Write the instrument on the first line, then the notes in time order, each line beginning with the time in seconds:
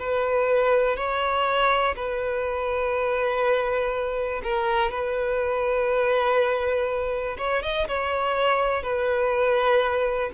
violin
0.00 B4
0.97 C#5
1.96 B4
4.44 A#4
4.91 B4
7.38 C#5
7.63 D#5
7.88 C#5
8.83 B4